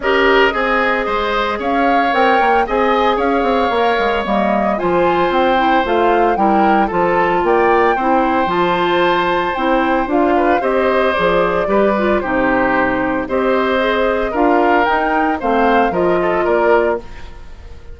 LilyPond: <<
  \new Staff \with { instrumentName = "flute" } { \time 4/4 \tempo 4 = 113 dis''2. f''4 | g''4 gis''4 f''2 | dis''4 gis''4 g''4 f''4 | g''4 a''4 g''2 |
a''2 g''4 f''4 | dis''4 d''2 c''4~ | c''4 dis''2 f''4 | g''4 f''4 dis''4 d''4 | }
  \new Staff \with { instrumentName = "oboe" } { \time 4/4 ais'4 gis'4 c''4 cis''4~ | cis''4 dis''4 cis''2~ | cis''4 c''2. | ais'4 a'4 d''4 c''4~ |
c''2.~ c''8 b'8 | c''2 b'4 g'4~ | g'4 c''2 ais'4~ | ais'4 c''4 ais'8 a'8 ais'4 | }
  \new Staff \with { instrumentName = "clarinet" } { \time 4/4 g'4 gis'2. | ais'4 gis'2 ais'4 | ais4 f'4. e'8 f'4 | e'4 f'2 e'4 |
f'2 e'4 f'4 | g'4 gis'4 g'8 f'8 dis'4~ | dis'4 g'4 gis'4 f'4 | dis'4 c'4 f'2 | }
  \new Staff \with { instrumentName = "bassoon" } { \time 4/4 cis'4 c'4 gis4 cis'4 | c'8 ais8 c'4 cis'8 c'8 ais8 gis8 | g4 f4 c'4 a4 | g4 f4 ais4 c'4 |
f2 c'4 d'4 | c'4 f4 g4 c4~ | c4 c'2 d'4 | dis'4 a4 f4 ais4 | }
>>